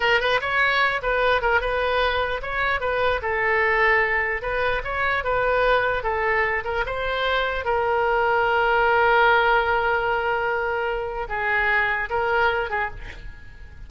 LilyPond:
\new Staff \with { instrumentName = "oboe" } { \time 4/4 \tempo 4 = 149 ais'8 b'8 cis''4. b'4 ais'8 | b'2 cis''4 b'4 | a'2. b'4 | cis''4 b'2 a'4~ |
a'8 ais'8 c''2 ais'4~ | ais'1~ | ais'1 | gis'2 ais'4. gis'8 | }